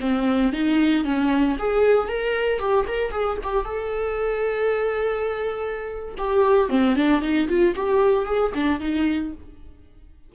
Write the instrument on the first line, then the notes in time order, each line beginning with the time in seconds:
viola
0.00 C4
0.52 D#4
1.04 C#4
1.59 G#4
2.08 A#4
2.59 G4
2.87 A#4
3.11 G#4
3.43 G4
3.64 A4
6.18 G4
6.69 C4
6.95 D4
7.22 D#4
7.48 F4
7.75 G4
8.25 G#4
8.54 D4
8.80 D#4